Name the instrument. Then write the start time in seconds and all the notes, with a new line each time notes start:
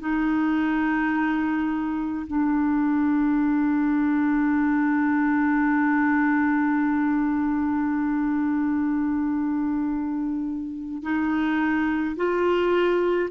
clarinet
0.00 D#4
2.27 D4
11.03 D#4
12.16 F4